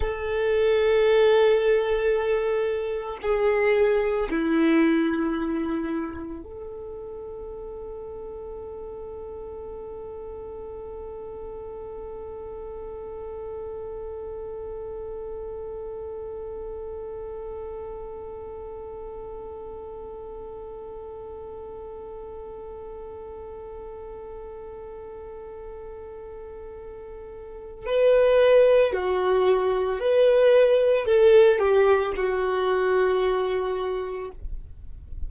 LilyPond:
\new Staff \with { instrumentName = "violin" } { \time 4/4 \tempo 4 = 56 a'2. gis'4 | e'2 a'2~ | a'1~ | a'1~ |
a'1~ | a'1~ | a'2 b'4 fis'4 | b'4 a'8 g'8 fis'2 | }